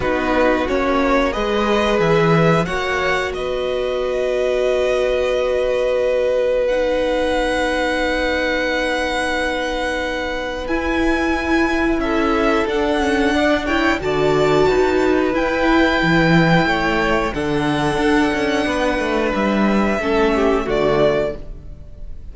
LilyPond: <<
  \new Staff \with { instrumentName = "violin" } { \time 4/4 \tempo 4 = 90 b'4 cis''4 dis''4 e''4 | fis''4 dis''2.~ | dis''2 fis''2~ | fis''1 |
gis''2 e''4 fis''4~ | fis''8 g''8 a''2 g''4~ | g''2 fis''2~ | fis''4 e''2 d''4 | }
  \new Staff \with { instrumentName = "violin" } { \time 4/4 fis'2 b'2 | cis''4 b'2.~ | b'1~ | b'1~ |
b'2 a'2 | d''8 cis''8 d''4 b'2~ | b'4 cis''4 a'2 | b'2 a'8 g'8 fis'4 | }
  \new Staff \with { instrumentName = "viola" } { \time 4/4 dis'4 cis'4 gis'2 | fis'1~ | fis'2 dis'2~ | dis'1 |
e'2. d'8 cis'8 | d'8 e'8 fis'2 e'4~ | e'2 d'2~ | d'2 cis'4 a4 | }
  \new Staff \with { instrumentName = "cello" } { \time 4/4 b4 ais4 gis4 e4 | ais4 b2.~ | b1~ | b1 |
e'2 cis'4 d'4~ | d'4 d4 dis'4 e'4 | e4 a4 d4 d'8 cis'8 | b8 a8 g4 a4 d4 | }
>>